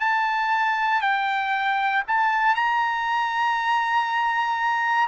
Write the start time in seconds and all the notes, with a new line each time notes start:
0.00 A5
1.01 G5
2.08 A5
2.55 A#5